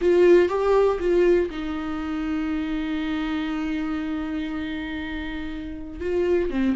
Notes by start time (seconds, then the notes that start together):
0.01 F4
0.48 G4
0.99 F4
1.50 D#4
6.00 F4
6.50 C4